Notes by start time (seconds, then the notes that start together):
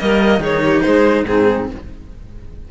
0.00 G3 A#3 A#4 D#5
0.39 D#3 D#4 G#4 C#5
0.63 G4
0.82 G#3 G#4 C5
1.24 G#2 C4 D#4 G#4